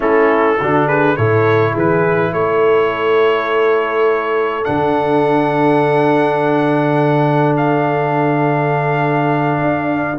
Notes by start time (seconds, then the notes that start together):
0.00 A3 C#4 E4 A4
0.60 D3 D4 F#4
0.86 G#4 B4
1.16 A2 E4 A4 C#5
1.72 E3 G#4 B4
2.33 A3 A4 C#5
4.64 D3 D4 F#5
7.56 F5
9.61 D4